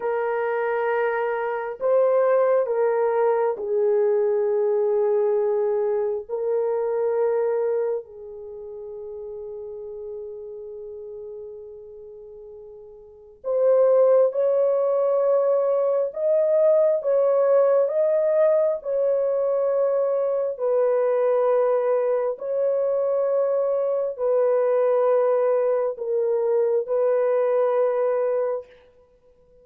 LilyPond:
\new Staff \with { instrumentName = "horn" } { \time 4/4 \tempo 4 = 67 ais'2 c''4 ais'4 | gis'2. ais'4~ | ais'4 gis'2.~ | gis'2. c''4 |
cis''2 dis''4 cis''4 | dis''4 cis''2 b'4~ | b'4 cis''2 b'4~ | b'4 ais'4 b'2 | }